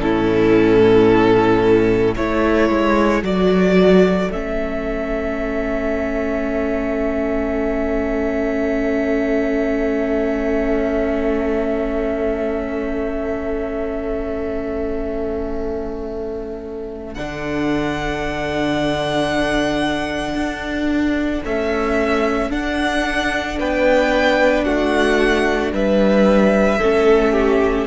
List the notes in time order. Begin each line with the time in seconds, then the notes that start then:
0.00 A2 C#4 E4 A4
2.16 A3 E4 A4 C#5
2.69 G#3
3.22 F#3 F#4 D5
4.31 A3 C#4 E5
17.14 D3 D4 F#5
20.34 D4
21.44 A3 C#4 E5
22.50 D4 F#5
23.59 B3 B4 G5
24.64 A3 F#4 F#5
25.72 G3 B4 E5
26.78 A3 C#4 A4
27.32 G4